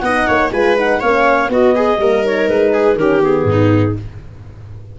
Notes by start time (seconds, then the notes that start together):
0.00 B3 D#4 D#5 F#5
0.27 A#3 C#5
0.51 G#3 F4 B4 G#5
0.77 D#4 F#5
1.00 A#3 C#4 C#5 F5
1.49 B3 F#4 D#5
1.75 G#4
1.98 G3 A#3 A#4
2.23 D#4 C#5
2.48 G#3 B4
2.73 G#4
2.95 D#3 C#4 G4 A#4
3.20 B3 G#4
3.44 G#2
3.50 D#4